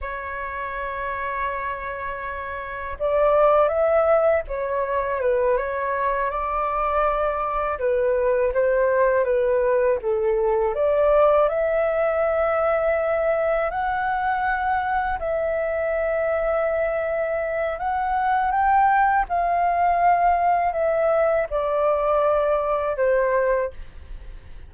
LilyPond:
\new Staff \with { instrumentName = "flute" } { \time 4/4 \tempo 4 = 81 cis''1 | d''4 e''4 cis''4 b'8 cis''8~ | cis''8 d''2 b'4 c''8~ | c''8 b'4 a'4 d''4 e''8~ |
e''2~ e''8 fis''4.~ | fis''8 e''2.~ e''8 | fis''4 g''4 f''2 | e''4 d''2 c''4 | }